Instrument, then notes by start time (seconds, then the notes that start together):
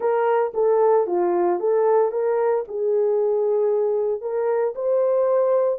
horn
0.00 A#4
0.54 A4
1.06 F4
1.59 A4
2.11 A#4
2.67 G#4
4.21 A#4
4.75 C5